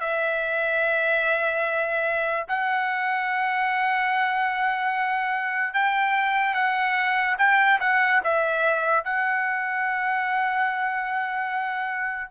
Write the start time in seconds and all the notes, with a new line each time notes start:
0.00 E5
2.48 F#5
5.73 G5
6.54 F#5
7.38 G5
7.80 F#5
8.23 E5
9.04 F#5